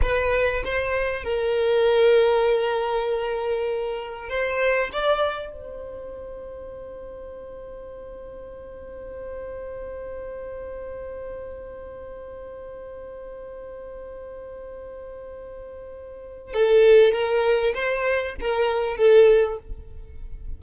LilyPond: \new Staff \with { instrumentName = "violin" } { \time 4/4 \tempo 4 = 98 b'4 c''4 ais'2~ | ais'2. c''4 | d''4 c''2.~ | c''1~ |
c''1~ | c''1~ | c''2. a'4 | ais'4 c''4 ais'4 a'4 | }